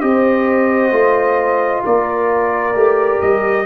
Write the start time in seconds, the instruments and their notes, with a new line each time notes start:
0.00 tuba C4, trombone G4, horn C5, trumpet D#5
0.91 tuba A3, trombone F4
1.84 tuba A#3, horn A#4, trumpet D5
2.75 tuba A3, trombone G4
3.21 tuba G3, trumpet D#5